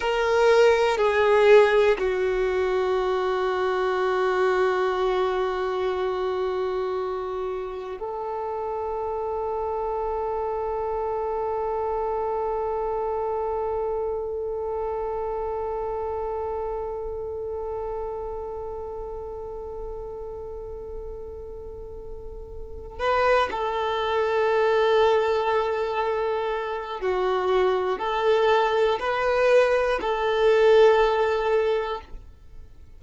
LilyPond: \new Staff \with { instrumentName = "violin" } { \time 4/4 \tempo 4 = 60 ais'4 gis'4 fis'2~ | fis'1 | a'1~ | a'1~ |
a'1~ | a'2. b'8 a'8~ | a'2. fis'4 | a'4 b'4 a'2 | }